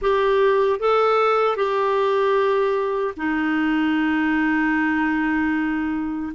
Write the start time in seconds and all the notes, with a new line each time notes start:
0.01 G4
0.79 A4
1.56 G4
3.17 D#4